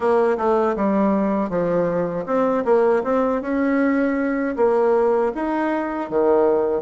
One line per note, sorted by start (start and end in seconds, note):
0.00 0.37 A#3
0.37 0.75 A3
0.76 1.49 G3
1.49 2.25 F3
2.26 2.64 C4
2.64 3.02 A#3
3.03 3.41 C4
3.41 4.55 C#4
4.56 5.32 A#3
5.34 6.09 D#4
6.09 6.82 D#3